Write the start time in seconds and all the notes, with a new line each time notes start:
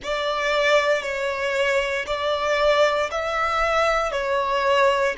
0.03 D5
1.02 C#5
2.06 D5
3.11 E5
4.11 C#5